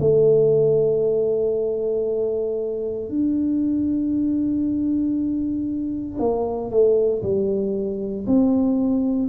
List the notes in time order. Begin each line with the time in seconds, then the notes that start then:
0.00 A3
3.09 D4
6.19 A#3
6.70 A3
7.22 G3
8.27 C4